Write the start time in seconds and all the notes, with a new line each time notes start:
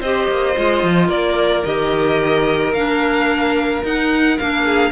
0.00 C4 G4 C5 D#5
0.28 A#3
0.56 G#3 F4
0.83 F3
1.08 A#3 A#4 D5
1.64 D#3 G4 D#5
2.73 A#3 D4 F5
3.83 D#4 F#5
4.38 A#3 D4 F5
4.65 G#4